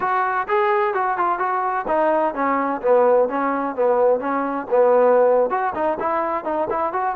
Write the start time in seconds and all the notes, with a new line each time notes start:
0.00 F#4
0.48 G#4
0.94 F#4
1.17 F4
1.38 F#4
1.87 D#4
2.34 C#4
2.81 B3
3.28 C#4
3.75 B3
4.20 C#4
4.70 B3
5.50 F#4
5.74 D#4
5.99 E4
6.44 D#4
6.69 E4
6.93 F#4